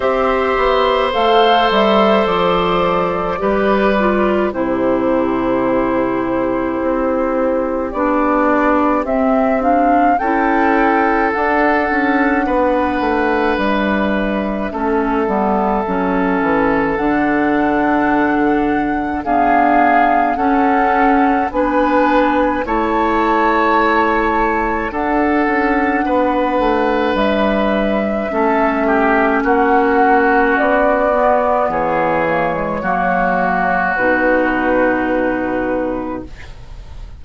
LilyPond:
<<
  \new Staff \with { instrumentName = "flute" } { \time 4/4 \tempo 4 = 53 e''4 f''8 e''8 d''2 | c''2. d''4 | e''8 f''8 g''4 fis''2 | e''2. fis''4~ |
fis''4 f''4 fis''4 gis''4 | a''2 fis''2 | e''2 fis''4 d''4 | cis''2 b'2 | }
  \new Staff \with { instrumentName = "oboe" } { \time 4/4 c''2. b'4 | g'1~ | g'4 a'2 b'4~ | b'4 a'2.~ |
a'4 gis'4 a'4 b'4 | cis''2 a'4 b'4~ | b'4 a'8 g'8 fis'2 | gis'4 fis'2. | }
  \new Staff \with { instrumentName = "clarinet" } { \time 4/4 g'4 a'2 g'8 f'8 | e'2. d'4 | c'8 d'8 e'4 d'2~ | d'4 cis'8 b8 cis'4 d'4~ |
d'4 b4 cis'4 d'4 | e'2 d'2~ | d'4 cis'2~ cis'8 b8~ | b8 ais16 gis16 ais4 dis'2 | }
  \new Staff \with { instrumentName = "bassoon" } { \time 4/4 c'8 b8 a8 g8 f4 g4 | c2 c'4 b4 | c'4 cis'4 d'8 cis'8 b8 a8 | g4 a8 g8 fis8 e8 d4~ |
d4 d'4 cis'4 b4 | a2 d'8 cis'8 b8 a8 | g4 a4 ais4 b4 | e4 fis4 b,2 | }
>>